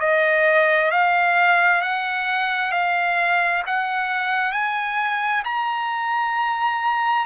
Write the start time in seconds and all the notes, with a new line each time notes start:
0.00 D#5
0.91 F5
1.81 F#5
2.71 F5
3.66 F#5
4.52 G#5
5.44 A#5